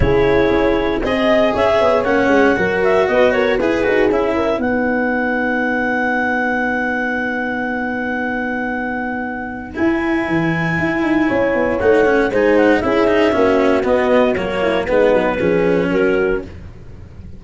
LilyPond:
<<
  \new Staff \with { instrumentName = "clarinet" } { \time 4/4 \tempo 4 = 117 cis''2 dis''4 e''4 | fis''4. e''8 dis''8 cis''8 b'4 | e''4 fis''2.~ | fis''1~ |
fis''2. gis''4~ | gis''2. fis''4 | gis''8 fis''8 e''2 dis''4 | cis''4 b'2 ais'4 | }
  \new Staff \with { instrumentName = "horn" } { \time 4/4 gis'2 dis''4 cis''4~ | cis''4 ais'4 b'8 ais'8 gis'4~ | gis'8 ais'8 b'2.~ | b'1~ |
b'1~ | b'2 cis''2 | c''4 gis'4 fis'2~ | fis'8 e'8 dis'4 gis'4 fis'4 | }
  \new Staff \with { instrumentName = "cello" } { \time 4/4 e'2 gis'2 | cis'4 fis'2 gis'8 fis'8 | e'4 dis'2.~ | dis'1~ |
dis'2. e'4~ | e'2. dis'8 cis'8 | dis'4 e'8 dis'8 cis'4 b4 | ais4 b4 cis'2 | }
  \new Staff \with { instrumentName = "tuba" } { \time 4/4 cis4 cis'4 c'4 cis'8 b8 | ais8 gis8 fis4 b4 e'8 dis'8 | cis'4 b2.~ | b1~ |
b2. e'4 | e4 e'8 dis'8 cis'8 b8 a4 | gis4 cis'4 ais4 b4 | fis4 gis8 fis8 f4 fis4 | }
>>